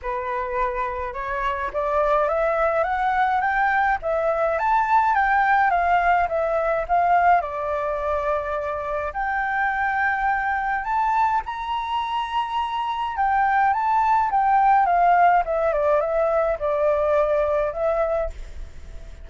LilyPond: \new Staff \with { instrumentName = "flute" } { \time 4/4 \tempo 4 = 105 b'2 cis''4 d''4 | e''4 fis''4 g''4 e''4 | a''4 g''4 f''4 e''4 | f''4 d''2. |
g''2. a''4 | ais''2. g''4 | a''4 g''4 f''4 e''8 d''8 | e''4 d''2 e''4 | }